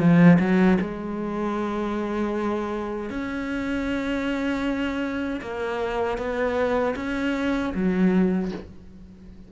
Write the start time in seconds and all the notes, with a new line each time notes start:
0.00 F3
0.40 F#3
0.81 G#3
3.10 C#4
5.42 A#3
6.18 B3
6.96 C#4
7.75 F#3